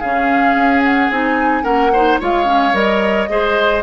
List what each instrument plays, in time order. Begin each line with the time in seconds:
0.00 bassoon C#3, clarinet C#4, oboe G#4, flute F5
0.55 bassoon C#4
0.84 flute F#5
1.10 bassoon C4, clarinet D#4, flute G#5
1.63 bassoon A#3, clarinet C#4, oboe A#4, flute F#5
1.93 clarinet D#4, oboe C5
2.20 bassoon G#3, clarinet F4, oboe C#5, flute F5
2.45 clarinet C#4
2.73 bassoon G3, clarinet A#4, flute D#5
3.29 bassoon G#3, clarinet G#4, oboe C5